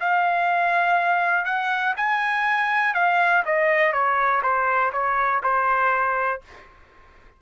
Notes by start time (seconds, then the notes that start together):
0.00 F5
1.45 F#5
1.97 G#5
2.94 F5
3.45 D#5
3.93 C#5
4.43 C5
4.92 C#5
5.43 C5